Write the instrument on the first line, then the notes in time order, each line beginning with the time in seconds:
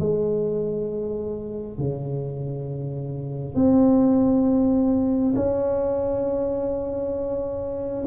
tuba
0.00 G#3
1.79 C#3
3.55 C4
5.36 C#4